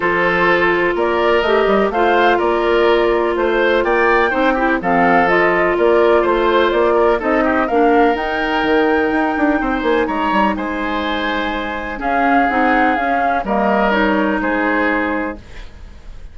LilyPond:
<<
  \new Staff \with { instrumentName = "flute" } { \time 4/4 \tempo 4 = 125 c''2 d''4 dis''4 | f''4 d''2 c''4 | g''2 f''4 dis''4 | d''4 c''4 d''4 dis''4 |
f''4 g''2.~ | g''8 gis''8 ais''4 gis''2~ | gis''4 f''4 fis''4 f''4 | dis''4 cis''4 c''2 | }
  \new Staff \with { instrumentName = "oboe" } { \time 4/4 a'2 ais'2 | c''4 ais'2 c''4 | d''4 c''8 g'8 a'2 | ais'4 c''4. ais'8 a'8 g'8 |
ais'1 | c''4 cis''4 c''2~ | c''4 gis'2. | ais'2 gis'2 | }
  \new Staff \with { instrumentName = "clarinet" } { \time 4/4 f'2. g'4 | f'1~ | f'4 dis'8 e'8 c'4 f'4~ | f'2. dis'4 |
d'4 dis'2.~ | dis'1~ | dis'4 cis'4 dis'4 cis'4 | ais4 dis'2. | }
  \new Staff \with { instrumentName = "bassoon" } { \time 4/4 f2 ais4 a8 g8 | a4 ais2 a4 | ais4 c'4 f2 | ais4 a4 ais4 c'4 |
ais4 dis'4 dis4 dis'8 d'8 | c'8 ais8 gis8 g8 gis2~ | gis4 cis'4 c'4 cis'4 | g2 gis2 | }
>>